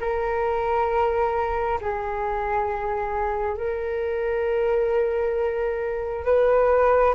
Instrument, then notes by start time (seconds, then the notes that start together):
flute
0.00 A#4
1.80 G#4
3.57 A#4
6.24 B4